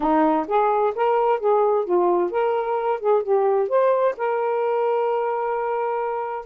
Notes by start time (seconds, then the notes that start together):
0.00 D#4
0.47 G#4
0.95 A#4
1.39 G#4
1.84 F4
2.30 A#4
3.00 G#4
3.22 G4
3.69 C5
4.17 A#4